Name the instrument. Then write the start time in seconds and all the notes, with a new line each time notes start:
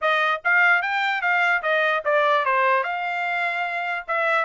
trumpet
0.01 D#5
0.44 F5
0.81 G5
1.21 F5
1.62 D#5
2.04 D5
2.45 C5
2.83 F5
4.07 E5